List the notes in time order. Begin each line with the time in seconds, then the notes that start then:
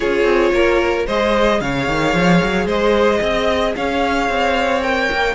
0.00 C#4 F4 G#4 C#5
0.23 C4
0.53 A#3 A#4
1.06 G#3 G#4 C5 D#5
1.60 C#3 C#5 F5
1.87 D#3
2.14 F3
2.43 F#3
2.66 G#3 C5 D#5
3.21 C4 D#5
3.75 C#4 C#5 F5
4.28 C4
4.82 A#4 G5
5.11 A#3